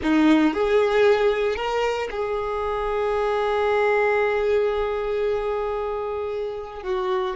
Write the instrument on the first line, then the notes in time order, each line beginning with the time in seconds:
violin
0.02 D#4
0.53 G#4
1.56 A#4
2.11 G#4
6.83 F#4